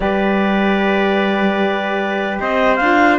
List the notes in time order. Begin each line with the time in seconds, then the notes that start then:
0.00 G3 G4 B4 D5
2.40 C4 C5 D#5
2.76 D4 F4 F5